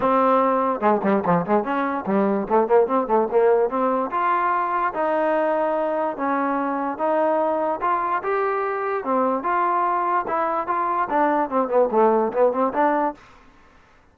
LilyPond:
\new Staff \with { instrumentName = "trombone" } { \time 4/4 \tempo 4 = 146 c'2 gis8 g8 f8 gis8 | cis'4 g4 a8 ais8 c'8 a8 | ais4 c'4 f'2 | dis'2. cis'4~ |
cis'4 dis'2 f'4 | g'2 c'4 f'4~ | f'4 e'4 f'4 d'4 | c'8 b8 a4 b8 c'8 d'4 | }